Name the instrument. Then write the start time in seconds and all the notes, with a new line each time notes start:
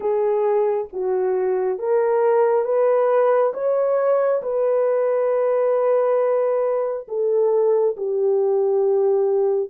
horn
0.00 G#4
0.92 F#4
1.78 A#4
2.64 B4
3.53 C#5
4.42 B4
7.07 A4
7.97 G4